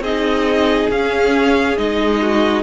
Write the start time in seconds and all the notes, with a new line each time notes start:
0.00 C4 D#4 G#4 D#5
0.91 C#4 F5
1.78 G#3 D#4 D#5
2.22 F#4